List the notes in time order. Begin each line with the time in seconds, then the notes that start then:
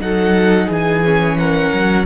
0.00 F#3 D#4 A4 F#5
0.67 E3 G#4 G#5
1.04 C#4
1.37 A#4 F#5
1.73 F#3